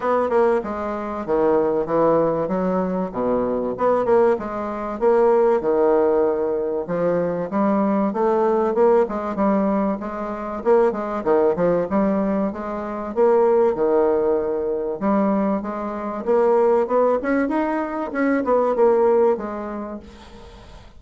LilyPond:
\new Staff \with { instrumentName = "bassoon" } { \time 4/4 \tempo 4 = 96 b8 ais8 gis4 dis4 e4 | fis4 b,4 b8 ais8 gis4 | ais4 dis2 f4 | g4 a4 ais8 gis8 g4 |
gis4 ais8 gis8 dis8 f8 g4 | gis4 ais4 dis2 | g4 gis4 ais4 b8 cis'8 | dis'4 cis'8 b8 ais4 gis4 | }